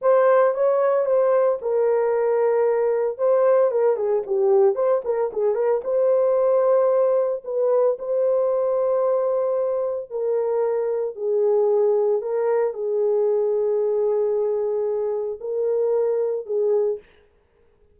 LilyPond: \new Staff \with { instrumentName = "horn" } { \time 4/4 \tempo 4 = 113 c''4 cis''4 c''4 ais'4~ | ais'2 c''4 ais'8 gis'8 | g'4 c''8 ais'8 gis'8 ais'8 c''4~ | c''2 b'4 c''4~ |
c''2. ais'4~ | ais'4 gis'2 ais'4 | gis'1~ | gis'4 ais'2 gis'4 | }